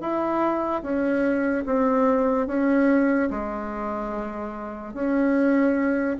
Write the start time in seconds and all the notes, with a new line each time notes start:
0.00 E4
0.82 C#4
1.66 C4
2.47 C#4
3.30 G#3
4.94 C#4